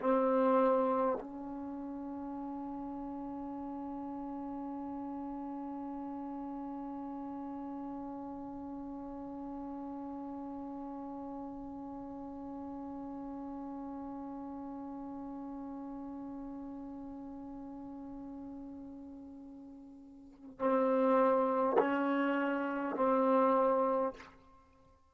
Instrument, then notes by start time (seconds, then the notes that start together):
trombone
0.00 C4
1.20 C#4
20.59 C4
21.78 C#4
22.95 C4